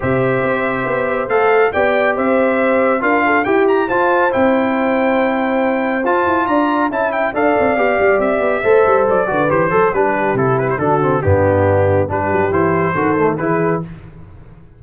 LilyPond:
<<
  \new Staff \with { instrumentName = "trumpet" } { \time 4/4 \tempo 4 = 139 e''2. f''4 | g''4 e''2 f''4 | g''8 ais''8 a''4 g''2~ | g''2 a''4 ais''4 |
a''8 g''8 f''2 e''4~ | e''4 d''4 c''4 b'4 | a'8 b'16 c''16 a'4 g'2 | b'4 c''2 b'4 | }
  \new Staff \with { instrumentName = "horn" } { \time 4/4 c''1 | d''4 c''2 ais'8 a'8 | g'4 c''2.~ | c''2. d''4 |
e''4 d''2. | c''4. b'4 a'8 g'4~ | g'4 fis'4 d'2 | g'2 a'4 gis'4 | }
  \new Staff \with { instrumentName = "trombone" } { \time 4/4 g'2. a'4 | g'2. f'4 | g'4 f'4 e'2~ | e'2 f'2 |
e'4 a'4 g'2 | a'4. fis'8 g'8 a'8 d'4 | e'4 d'8 c'8 b2 | d'4 e'4 fis'8 a8 e'4 | }
  \new Staff \with { instrumentName = "tuba" } { \time 4/4 c4 c'4 b4 a4 | b4 c'2 d'4 | e'4 f'4 c'2~ | c'2 f'8 e'8 d'4 |
cis'4 d'8 c'8 b8 g8 c'8 b8 | a8 g8 fis8 d8 e8 fis8 g4 | c4 d4 g,2 | g8 fis8 e4 dis4 e4 | }
>>